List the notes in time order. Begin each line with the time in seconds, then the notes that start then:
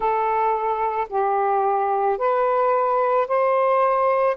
0.00 A4
1.09 G4
2.18 B4
3.27 C5